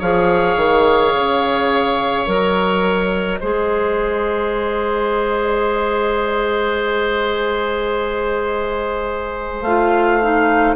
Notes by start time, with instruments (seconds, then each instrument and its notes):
0.00 bassoon F3, clarinet G#4, oboe C#5, flute F5
0.57 bassoon D#3
1.14 bassoon C#3
2.27 bassoon F#3, clarinet A#4, flute D#5
3.40 bassoon G#3, clarinet G#4, oboe C5
9.62 bassoon A3, clarinet F4, flute F5
10.22 clarinet D#4